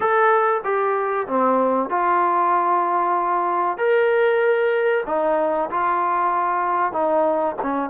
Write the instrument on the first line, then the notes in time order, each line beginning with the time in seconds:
trombone
0.00 A4
0.63 G4
1.27 C4
1.89 F4
3.77 A#4
5.06 D#4
5.70 F4
6.92 D#4
7.62 C#4